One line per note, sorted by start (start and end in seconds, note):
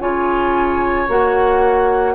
0.00 1.08 C#3
0.00 1.07 F4
0.00 2.14 C#5
0.00 1.08 G#5
1.08 2.14 A#3
1.08 2.14 F#4
1.08 2.14 F#5